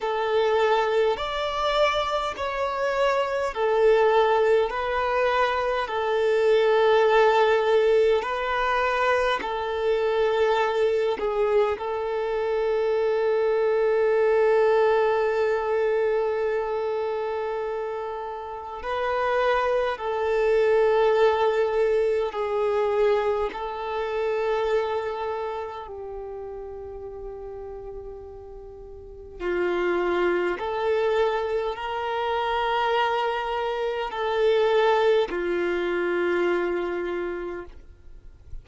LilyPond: \new Staff \with { instrumentName = "violin" } { \time 4/4 \tempo 4 = 51 a'4 d''4 cis''4 a'4 | b'4 a'2 b'4 | a'4. gis'8 a'2~ | a'1 |
b'4 a'2 gis'4 | a'2 g'2~ | g'4 f'4 a'4 ais'4~ | ais'4 a'4 f'2 | }